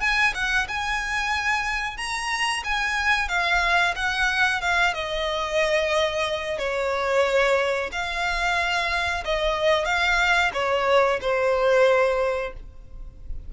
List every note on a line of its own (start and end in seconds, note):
0.00 0.33 G#5
0.34 0.67 F#5
0.68 1.97 G#5
1.97 2.63 A#5
2.63 3.28 G#5
3.28 3.94 F5
3.95 4.61 F#5
4.61 4.94 F5
4.94 6.58 D#5
6.58 7.90 C#5
7.92 9.24 F5
9.24 9.85 D#5
9.85 10.51 F5
10.53 11.19 C#5
11.21 12.53 C5